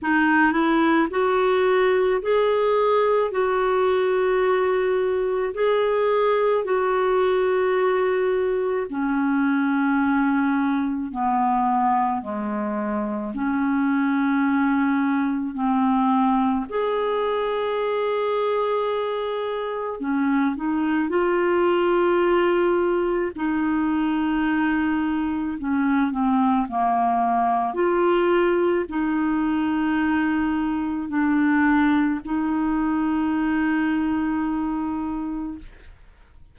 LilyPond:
\new Staff \with { instrumentName = "clarinet" } { \time 4/4 \tempo 4 = 54 dis'8 e'8 fis'4 gis'4 fis'4~ | fis'4 gis'4 fis'2 | cis'2 b4 gis4 | cis'2 c'4 gis'4~ |
gis'2 cis'8 dis'8 f'4~ | f'4 dis'2 cis'8 c'8 | ais4 f'4 dis'2 | d'4 dis'2. | }